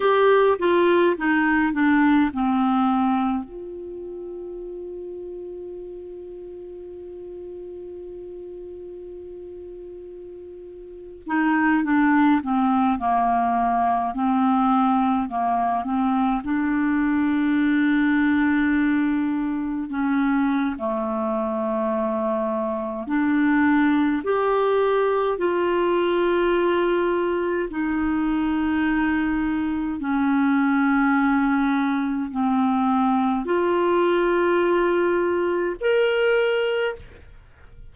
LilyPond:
\new Staff \with { instrumentName = "clarinet" } { \time 4/4 \tempo 4 = 52 g'8 f'8 dis'8 d'8 c'4 f'4~ | f'1~ | f'4.~ f'16 dis'8 d'8 c'8 ais8.~ | ais16 c'4 ais8 c'8 d'4.~ d'16~ |
d'4~ d'16 cis'8. a2 | d'4 g'4 f'2 | dis'2 cis'2 | c'4 f'2 ais'4 | }